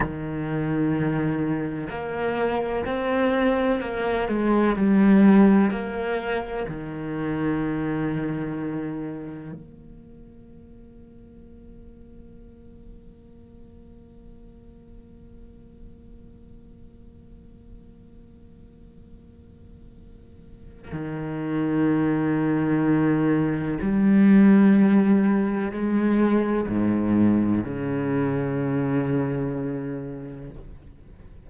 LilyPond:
\new Staff \with { instrumentName = "cello" } { \time 4/4 \tempo 4 = 63 dis2 ais4 c'4 | ais8 gis8 g4 ais4 dis4~ | dis2 ais2~ | ais1~ |
ais1~ | ais2 dis2~ | dis4 g2 gis4 | gis,4 cis2. | }